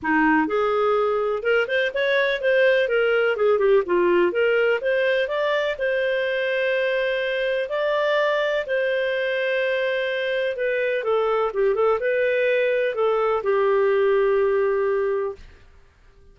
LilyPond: \new Staff \with { instrumentName = "clarinet" } { \time 4/4 \tempo 4 = 125 dis'4 gis'2 ais'8 c''8 | cis''4 c''4 ais'4 gis'8 g'8 | f'4 ais'4 c''4 d''4 | c''1 |
d''2 c''2~ | c''2 b'4 a'4 | g'8 a'8 b'2 a'4 | g'1 | }